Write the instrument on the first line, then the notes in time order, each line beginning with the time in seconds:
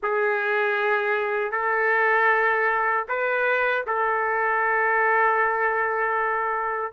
trumpet
0.02 G#4
1.51 A4
3.08 B4
3.86 A4